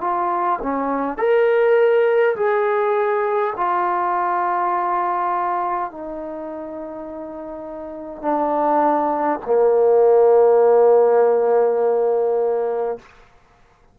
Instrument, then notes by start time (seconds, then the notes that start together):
trombone
0.00 F4
0.62 C#4
1.17 A#4
2.35 G#4
3.56 F4
5.90 D#4
8.21 D4
9.45 A#3